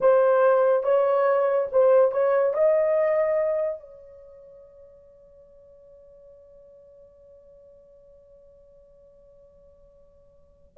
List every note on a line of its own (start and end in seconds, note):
0.00 0.83 C5
0.83 1.67 C#5
1.71 2.11 C5
2.11 2.53 C#5
2.53 3.80 D#5
3.80 10.77 C#5